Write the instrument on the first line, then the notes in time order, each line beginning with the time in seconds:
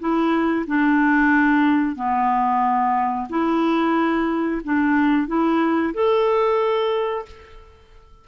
clarinet
0.00 E4
0.67 D4
1.96 B3
3.30 E4
4.64 D4
5.28 E4
5.94 A4